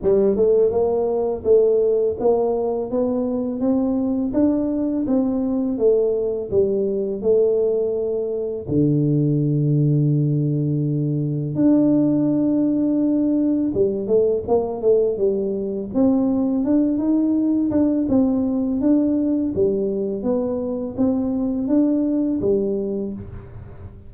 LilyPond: \new Staff \with { instrumentName = "tuba" } { \time 4/4 \tempo 4 = 83 g8 a8 ais4 a4 ais4 | b4 c'4 d'4 c'4 | a4 g4 a2 | d1 |
d'2. g8 a8 | ais8 a8 g4 c'4 d'8 dis'8~ | dis'8 d'8 c'4 d'4 g4 | b4 c'4 d'4 g4 | }